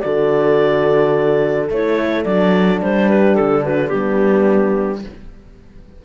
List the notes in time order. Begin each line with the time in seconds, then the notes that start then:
0.00 D3 F#4 A4 D5
1.69 A3 E4 C#5
2.24 F#3 D4 D5
2.82 G3 C5
3.08 G4 B4
3.35 D3 A4
3.63 F#4 B4
3.88 G3 B3 D4 G4